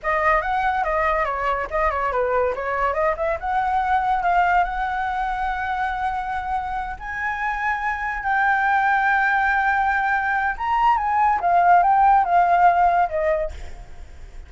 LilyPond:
\new Staff \with { instrumentName = "flute" } { \time 4/4 \tempo 4 = 142 dis''4 fis''4 dis''4 cis''4 | dis''8 cis''8 b'4 cis''4 dis''8 e''8 | fis''2 f''4 fis''4~ | fis''1~ |
fis''8 gis''2. g''8~ | g''1~ | g''4 ais''4 gis''4 f''4 | g''4 f''2 dis''4 | }